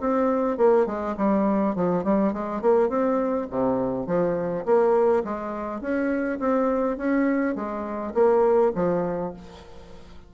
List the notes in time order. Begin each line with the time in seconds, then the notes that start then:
0.00 C4
0.57 A#3
0.86 G#3
1.17 G3
1.75 F3
2.04 G3
2.32 G#3
2.61 A#3
2.89 C4
3.50 C3
4.06 F3
4.65 A#3
5.24 G#3
5.81 C#4
6.39 C4
6.97 C#4
7.55 G#3
8.14 A#3
8.75 F3